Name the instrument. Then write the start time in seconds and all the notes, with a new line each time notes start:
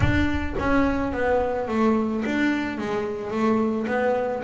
double bass
0.00 D4
0.58 C#4
1.12 B3
1.67 A3
2.25 D4
2.78 G#3
3.30 A3
3.87 B3